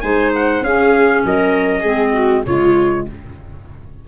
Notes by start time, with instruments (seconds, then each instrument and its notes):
0.00 tuba G#3, clarinet D#4, viola C5, trumpet G#5
0.35 trumpet F#5
0.61 tuba C#4, clarinet C#4, viola G#4, trumpet F5
1.25 tuba F#3, viola A#4, trumpet D#5
1.80 tuba G#3, clarinet C4, viola G#4
2.13 viola F#4
2.45 tuba C#3, clarinet G#3, viola F4, trumpet C#5